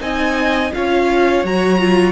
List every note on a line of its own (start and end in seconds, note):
0.00 0.72 C4
0.00 0.71 D#4
0.00 0.74 D#5
0.00 0.73 G#5
0.74 1.44 C#4
0.74 1.45 F4
0.74 2.12 C#5
0.74 1.46 F5
1.44 2.12 F#3
1.44 1.79 F#4
1.44 2.12 A#5
1.79 2.12 F4